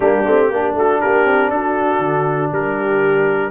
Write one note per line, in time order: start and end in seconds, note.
0.00 0.24 G3
0.00 0.23 A#3
0.00 0.49 D4
0.00 0.75 G4
0.25 0.50 A3
0.25 0.52 C4
0.49 0.74 A#3
0.49 3.50 D4
0.49 0.75 G4
0.74 0.99 A3
0.74 1.01 F#4
0.74 1.00 A4
1.00 1.25 A#3
1.00 1.51 G4
1.00 1.50 A#4
1.25 1.50 C4
1.50 1.98 D4
1.50 2.53 F#4
1.50 2.50 A4
1.98 2.49 D3
2.52 3.50 G3
2.52 3.50 G4
2.52 3.50 A#4